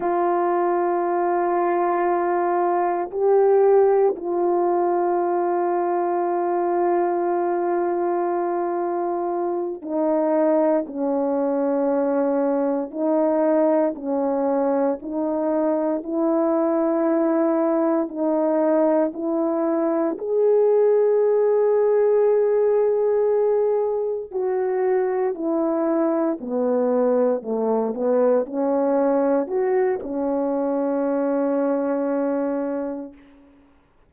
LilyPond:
\new Staff \with { instrumentName = "horn" } { \time 4/4 \tempo 4 = 58 f'2. g'4 | f'1~ | f'4. dis'4 cis'4.~ | cis'8 dis'4 cis'4 dis'4 e'8~ |
e'4. dis'4 e'4 gis'8~ | gis'2.~ gis'8 fis'8~ | fis'8 e'4 b4 a8 b8 cis'8~ | cis'8 fis'8 cis'2. | }